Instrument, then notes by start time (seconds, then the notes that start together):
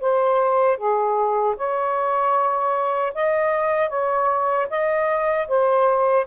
saxophone
0.00 C5
0.77 G#4
1.57 C#5
3.14 D#5
3.89 C#5
4.69 D#5
5.48 C5